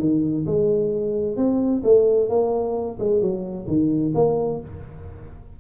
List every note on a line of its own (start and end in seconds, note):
0.00 0.46 D#3
0.46 1.37 G#3
1.37 1.82 C4
1.84 2.30 A3
2.30 2.98 A#3
2.99 3.22 G#3
3.22 3.67 F#3
3.68 4.13 D#3
4.15 4.61 A#3